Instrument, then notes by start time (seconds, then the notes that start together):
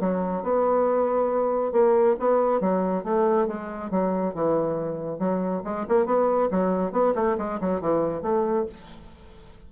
bassoon
0.00 F#3
0.43 B3
1.72 A#3
2.19 B3
2.60 F#3
3.04 A3
3.47 G#3
3.90 F#3
4.34 E3
5.19 F#3
5.64 G#3
5.88 A#3
6.05 B3
6.51 F#3
6.92 B3
7.15 A3
7.38 G#3
7.60 F#3
7.81 E3
8.22 A3